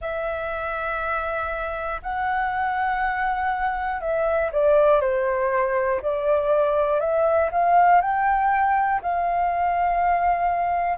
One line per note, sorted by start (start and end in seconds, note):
0.00 2.00 E5
2.02 4.00 F#5
4.00 4.50 E5
4.52 5.00 D5
5.00 6.00 C5
6.01 7.00 D5
7.00 7.50 E5
7.51 8.01 F5
8.01 9.01 G5
9.02 10.97 F5